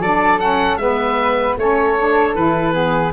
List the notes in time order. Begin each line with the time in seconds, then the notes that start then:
0.00 F#3 D4 A4 D5
0.40 C#4 F#5
0.77 G#3 B3 B4 E5
1.57 A3 C#4 A4 C#5
1.99 D4
2.35 E3 E4 B4
2.73 B3 G#4